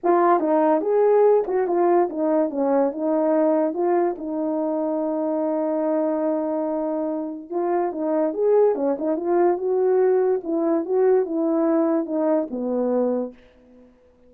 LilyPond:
\new Staff \with { instrumentName = "horn" } { \time 4/4 \tempo 4 = 144 f'4 dis'4 gis'4. fis'8 | f'4 dis'4 cis'4 dis'4~ | dis'4 f'4 dis'2~ | dis'1~ |
dis'2 f'4 dis'4 | gis'4 cis'8 dis'8 f'4 fis'4~ | fis'4 e'4 fis'4 e'4~ | e'4 dis'4 b2 | }